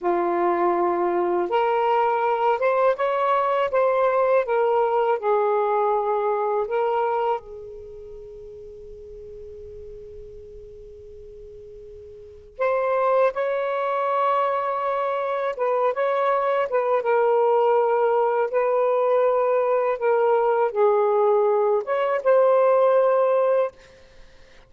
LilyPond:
\new Staff \with { instrumentName = "saxophone" } { \time 4/4 \tempo 4 = 81 f'2 ais'4. c''8 | cis''4 c''4 ais'4 gis'4~ | gis'4 ais'4 gis'2~ | gis'1~ |
gis'4 c''4 cis''2~ | cis''4 b'8 cis''4 b'8 ais'4~ | ais'4 b'2 ais'4 | gis'4. cis''8 c''2 | }